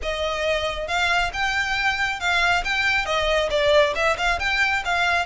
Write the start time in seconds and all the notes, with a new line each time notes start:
0.02 D#5
0.87 F5
1.33 G5
2.19 F5
2.64 G5
3.05 D#5
3.50 D5
3.95 E5
4.17 F5
4.39 G5
4.84 F5